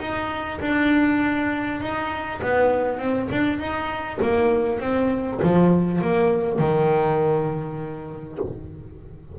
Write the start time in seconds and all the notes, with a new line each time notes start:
0.00 D#4
0.61 D4
1.81 D#4
2.42 B3
2.99 C4
3.32 D4
3.59 D#4
4.22 A#3
4.80 C4
5.42 F3
6.01 A#3
6.58 D#3